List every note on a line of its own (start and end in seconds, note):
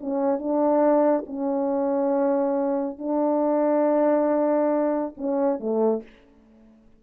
0.00 0.38 C#4
0.38 1.25 D4
1.26 2.98 C#4
2.98 5.14 D4
5.17 5.59 C#4
5.59 6.03 A3